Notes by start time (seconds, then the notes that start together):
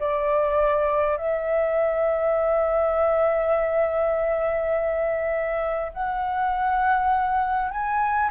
0.00 D5
1.17 E5
5.93 F#5
7.71 G#5